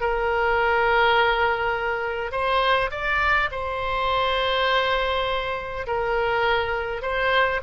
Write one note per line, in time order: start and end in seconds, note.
0.00 2.31 A#4
2.31 2.90 C5
2.90 3.49 D5
3.51 5.86 C5
5.87 7.02 A#4
7.02 7.60 C5